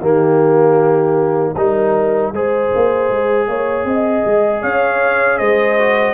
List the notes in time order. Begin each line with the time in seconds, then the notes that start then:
0.00 D#3 A#3 G4 D#5
1.54 G3 D#4 A#4
2.32 G#3 G#4 C5
2.75 A#3
3.09 G#3
3.47 A#3 C#5
3.84 C4 D#5
4.25 G#3
4.62 C#4 C#5 F5
5.38 G#3 C5 D#5
5.78 F#4